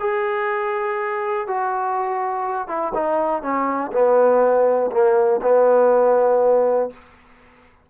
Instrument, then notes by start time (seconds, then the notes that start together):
trombone
0.00 G#4
1.48 F#4
2.68 E4
2.94 D#4
3.42 C#4
3.92 B3
4.91 A#3
5.42 B3